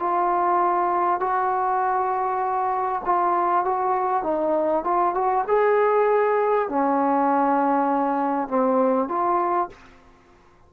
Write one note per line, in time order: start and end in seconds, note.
0.00 1.20 F4
1.20 3.02 F#4
3.06 3.65 F4
3.65 4.23 F#4
4.23 4.84 D#4
4.84 5.15 F4
5.15 5.45 F#4
5.48 6.69 G#4
6.69 8.48 C#4
8.48 9.09 C4
9.09 9.69 F4